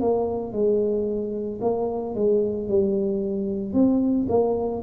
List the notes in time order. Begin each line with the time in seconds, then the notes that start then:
0.00 A#3
0.52 G#3
1.61 A#3
2.14 G#3
2.68 G3
3.73 C4
4.29 A#3